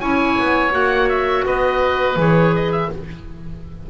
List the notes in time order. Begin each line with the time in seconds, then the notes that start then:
0.00 C#4 E4 C#5 G#5
0.39 B3
0.71 A#3 F#4 F#5
1.09 E5
1.45 B3 B4 D#5
2.16 E3 G#4 C#5
2.55 D#5
2.72 E5